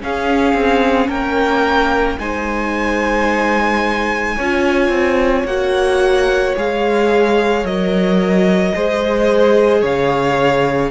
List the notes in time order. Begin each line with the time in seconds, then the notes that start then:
0.00 C#4 G#4 F5
0.53 C4
1.08 A#3 A#4 G5
2.18 G#3 D#4 C5 G#5
4.36 C#4 F4 C#5
4.88 C4
5.45 A#3 F#4 F#5
6.56 G#3 G#4 F5
7.63 F#3 A#4 D#5
8.75 G#3 G#4 C5
9.81 C#3 C#5 F5